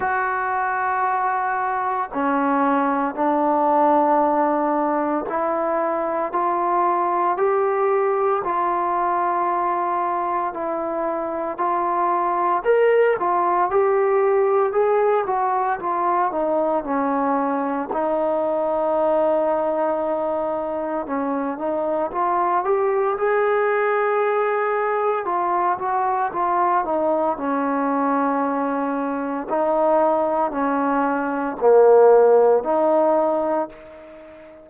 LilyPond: \new Staff \with { instrumentName = "trombone" } { \time 4/4 \tempo 4 = 57 fis'2 cis'4 d'4~ | d'4 e'4 f'4 g'4 | f'2 e'4 f'4 | ais'8 f'8 g'4 gis'8 fis'8 f'8 dis'8 |
cis'4 dis'2. | cis'8 dis'8 f'8 g'8 gis'2 | f'8 fis'8 f'8 dis'8 cis'2 | dis'4 cis'4 ais4 dis'4 | }